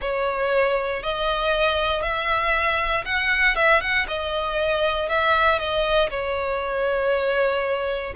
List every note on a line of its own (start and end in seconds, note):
0.00 1.02 C#5
1.03 2.02 D#5
2.02 3.04 E5
3.05 3.55 F#5
3.55 3.80 E5
3.80 4.06 F#5
4.07 5.08 D#5
5.08 5.58 E5
5.58 6.09 D#5
6.10 8.13 C#5